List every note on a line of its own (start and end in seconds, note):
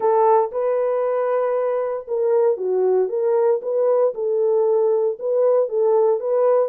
0.00 0.50 A4
0.51 2.06 B4
2.07 2.57 A#4
2.57 3.08 F#4
3.08 3.60 A#4
3.62 4.14 B4
4.14 5.17 A4
5.19 5.68 B4
5.68 6.20 A4
6.20 6.68 B4